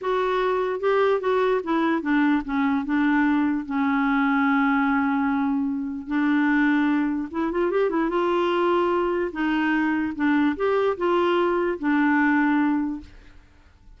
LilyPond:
\new Staff \with { instrumentName = "clarinet" } { \time 4/4 \tempo 4 = 148 fis'2 g'4 fis'4 | e'4 d'4 cis'4 d'4~ | d'4 cis'2.~ | cis'2. d'4~ |
d'2 e'8 f'8 g'8 e'8 | f'2. dis'4~ | dis'4 d'4 g'4 f'4~ | f'4 d'2. | }